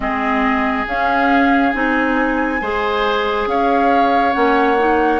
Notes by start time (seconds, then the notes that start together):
0.00 G#3 C4 G#4 D#5
0.87 C#4 F5
1.73 C4 D#4 G#5
2.61 G#3 G#4 C5
3.46 C#4 C#5 F5
4.33 A#3 C#4 F#5
4.77 D#4